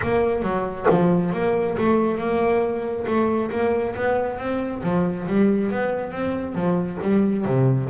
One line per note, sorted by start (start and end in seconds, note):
0.02 0.42 A#3
0.42 0.86 F#3
0.90 1.32 F3
1.32 1.76 A#3
1.77 2.17 A3
2.17 3.05 A#3
3.06 3.50 A3
3.50 3.94 A#3
3.95 4.38 B3
4.38 4.82 C4
4.83 5.27 F3
5.27 5.71 G3
5.71 6.11 B3
6.11 6.54 C4
6.54 6.98 F3
7.02 7.45 G3
7.45 7.89 C3